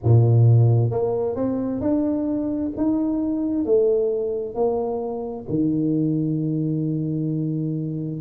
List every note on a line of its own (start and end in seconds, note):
0.03 0.90 A#2
0.90 1.35 A#3
1.35 1.80 C4
1.80 2.71 D4
2.76 3.65 D#4
3.65 4.55 A3
4.55 5.45 A#3
5.48 8.21 D#3